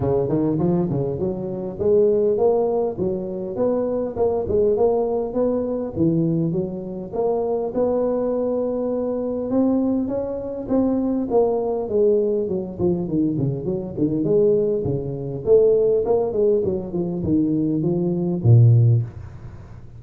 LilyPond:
\new Staff \with { instrumentName = "tuba" } { \time 4/4 \tempo 4 = 101 cis8 dis8 f8 cis8 fis4 gis4 | ais4 fis4 b4 ais8 gis8 | ais4 b4 e4 fis4 | ais4 b2. |
c'4 cis'4 c'4 ais4 | gis4 fis8 f8 dis8 cis8 fis8 dis8 | gis4 cis4 a4 ais8 gis8 | fis8 f8 dis4 f4 ais,4 | }